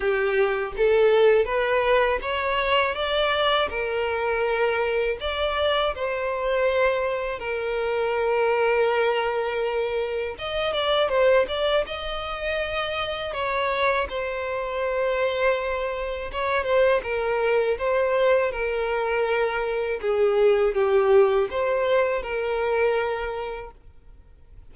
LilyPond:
\new Staff \with { instrumentName = "violin" } { \time 4/4 \tempo 4 = 81 g'4 a'4 b'4 cis''4 | d''4 ais'2 d''4 | c''2 ais'2~ | ais'2 dis''8 d''8 c''8 d''8 |
dis''2 cis''4 c''4~ | c''2 cis''8 c''8 ais'4 | c''4 ais'2 gis'4 | g'4 c''4 ais'2 | }